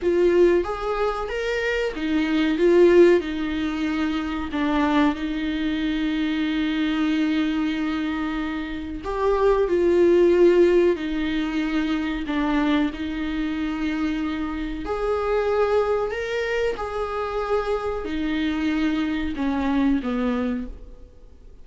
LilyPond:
\new Staff \with { instrumentName = "viola" } { \time 4/4 \tempo 4 = 93 f'4 gis'4 ais'4 dis'4 | f'4 dis'2 d'4 | dis'1~ | dis'2 g'4 f'4~ |
f'4 dis'2 d'4 | dis'2. gis'4~ | gis'4 ais'4 gis'2 | dis'2 cis'4 b4 | }